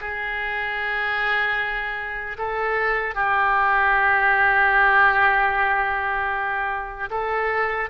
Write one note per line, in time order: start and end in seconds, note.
0.00 2.37 G#4
2.38 3.15 A4
3.15 7.09 G4
7.10 7.89 A4